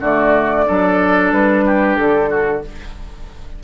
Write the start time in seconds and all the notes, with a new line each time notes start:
0.00 D3 A3 F#4 D5
0.66 F#3 D4 A4
1.32 G3 B4
1.66 G4
1.96 D3 A4
2.29 F#4